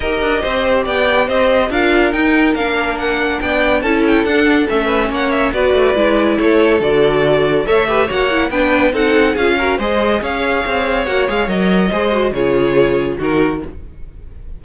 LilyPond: <<
  \new Staff \with { instrumentName = "violin" } { \time 4/4 \tempo 4 = 141 dis''2 g''4 dis''4 | f''4 g''4 f''4 fis''4 | g''4 a''8 g''8 fis''4 e''4 | fis''8 e''8 d''2 cis''4 |
d''2 e''4 fis''4 | g''4 fis''4 f''4 dis''4 | f''2 fis''8 f''8 dis''4~ | dis''4 cis''2 ais'4 | }
  \new Staff \with { instrumentName = "violin" } { \time 4/4 ais'4 c''4 d''4 c''4 | ais'1 | d''4 a'2~ a'8 b'8 | cis''4 b'2 a'4~ |
a'2 cis''8 b'8 cis''4 | b'4 a'4 gis'8 ais'8 c''4 | cis''1 | c''4 gis'2 fis'4 | }
  \new Staff \with { instrumentName = "viola" } { \time 4/4 g'1 | f'4 dis'4 d'2~ | d'4 e'4 d'4 cis'4~ | cis'4 fis'4 e'2 |
fis'2 a'8 g'8 fis'8 e'8 | d'4 dis'4 f'8 fis'8 gis'4~ | gis'2 fis'8 gis'8 ais'4 | gis'8 fis'8 f'2 dis'4 | }
  \new Staff \with { instrumentName = "cello" } { \time 4/4 dis'8 d'8 c'4 b4 c'4 | d'4 dis'4 ais2 | b4 cis'4 d'4 a4 | ais4 b8 a8 gis4 a4 |
d2 a4 ais4 | b4 c'4 cis'4 gis4 | cis'4 c'4 ais8 gis8 fis4 | gis4 cis2 dis4 | }
>>